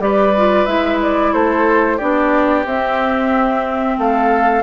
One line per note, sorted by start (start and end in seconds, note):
0.00 0.66 G3
0.00 0.33 G4
0.00 1.33 B4
0.00 0.66 D5
0.37 0.68 F4
0.66 1.34 G#3
0.66 2.00 E4
0.66 0.99 E5
1.02 1.33 D5
1.33 2.00 A3
1.33 1.97 A4
1.33 1.98 C5
1.97 2.66 B3
1.97 2.66 D4
1.97 3.95 G4
1.97 2.64 D5
2.66 3.98 C4
2.66 4.63 C4
2.66 3.99 E5
3.99 4.63 A3
3.99 4.63 A4
3.99 4.63 F5